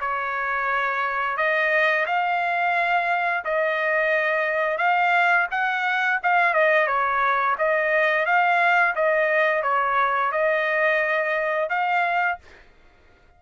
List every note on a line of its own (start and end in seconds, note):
0.00 1.37 C#5
1.37 2.06 D#5
2.06 3.44 F5
3.44 4.78 D#5
4.78 5.47 F5
5.51 6.20 F#5
6.23 6.54 F5
6.54 6.87 D#5
6.87 7.56 C#5
7.58 8.26 D#5
8.26 8.95 F5
8.95 9.62 D#5
9.62 10.31 C#5
10.32 11.69 D#5
11.69 12.38 F5